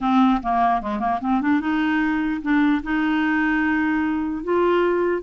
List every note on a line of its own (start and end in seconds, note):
0.00 0.41 C4
0.42 0.81 A#3
0.81 0.99 G#3
0.99 1.19 A#3
1.20 1.41 C4
1.41 1.60 D4
1.60 2.41 D#4
2.41 2.82 D4
2.83 4.43 D#4
4.43 5.22 F4